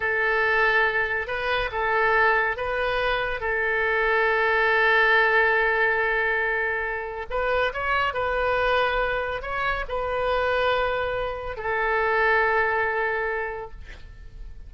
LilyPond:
\new Staff \with { instrumentName = "oboe" } { \time 4/4 \tempo 4 = 140 a'2. b'4 | a'2 b'2 | a'1~ | a'1~ |
a'4 b'4 cis''4 b'4~ | b'2 cis''4 b'4~ | b'2. a'4~ | a'1 | }